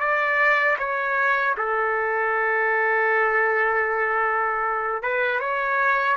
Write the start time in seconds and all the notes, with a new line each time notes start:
0.00 D5
0.79 C#5
1.58 A4
5.02 B4
5.40 C#5